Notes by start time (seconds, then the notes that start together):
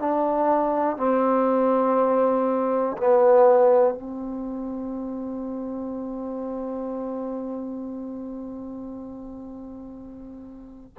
0.00 D4
0.97 C4
2.98 B3
3.94 C4